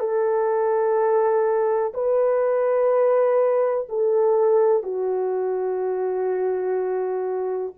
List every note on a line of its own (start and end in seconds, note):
0.00 1.94 A4
1.94 3.88 B4
3.89 4.83 A4
4.83 7.74 F#4